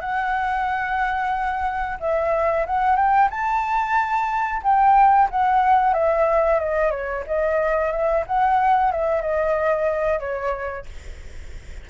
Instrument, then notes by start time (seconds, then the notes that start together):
flute
0.00 F#5
2.00 E5
2.66 F#5
2.96 G5
3.30 A5
4.62 G5
5.30 F#5
5.93 E5
6.59 D#5
6.91 C#5
7.26 D#5
7.91 E5
8.26 F#5
8.91 E5
9.21 D#5
10.19 C#5